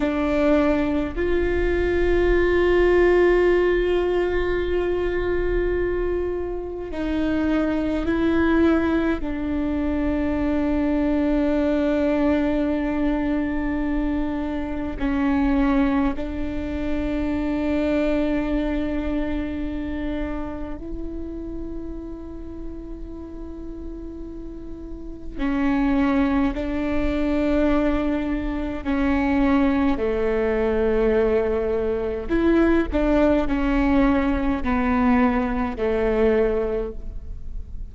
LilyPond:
\new Staff \with { instrumentName = "viola" } { \time 4/4 \tempo 4 = 52 d'4 f'2.~ | f'2 dis'4 e'4 | d'1~ | d'4 cis'4 d'2~ |
d'2 e'2~ | e'2 cis'4 d'4~ | d'4 cis'4 a2 | e'8 d'8 cis'4 b4 a4 | }